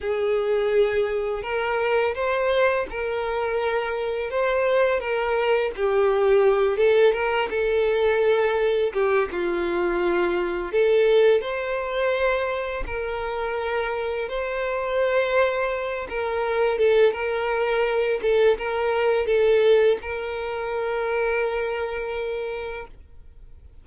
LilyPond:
\new Staff \with { instrumentName = "violin" } { \time 4/4 \tempo 4 = 84 gis'2 ais'4 c''4 | ais'2 c''4 ais'4 | g'4. a'8 ais'8 a'4.~ | a'8 g'8 f'2 a'4 |
c''2 ais'2 | c''2~ c''8 ais'4 a'8 | ais'4. a'8 ais'4 a'4 | ais'1 | }